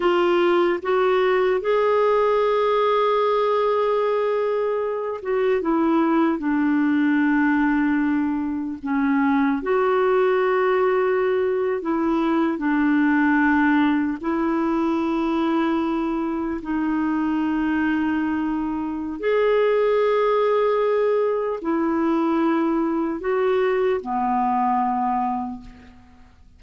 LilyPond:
\new Staff \with { instrumentName = "clarinet" } { \time 4/4 \tempo 4 = 75 f'4 fis'4 gis'2~ | gis'2~ gis'8 fis'8 e'4 | d'2. cis'4 | fis'2~ fis'8. e'4 d'16~ |
d'4.~ d'16 e'2~ e'16~ | e'8. dis'2.~ dis'16 | gis'2. e'4~ | e'4 fis'4 b2 | }